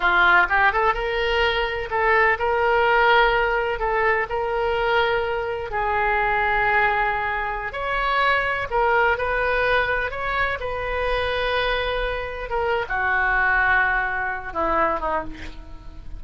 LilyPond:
\new Staff \with { instrumentName = "oboe" } { \time 4/4 \tempo 4 = 126 f'4 g'8 a'8 ais'2 | a'4 ais'2. | a'4 ais'2. | gis'1~ |
gis'16 cis''2 ais'4 b'8.~ | b'4~ b'16 cis''4 b'4.~ b'16~ | b'2~ b'16 ais'8. fis'4~ | fis'2~ fis'8 e'4 dis'8 | }